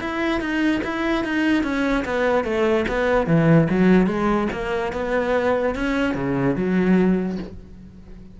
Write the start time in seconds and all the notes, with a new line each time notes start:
0.00 E4
0.40 D#4
0.83 E4
1.24 D#4
1.63 C#4
2.04 B3
2.44 A3
2.88 B3
3.26 E3
3.69 F#3
4.06 G#3
4.52 A#3
4.92 B3
5.75 C#4
6.14 C#3
6.55 F#3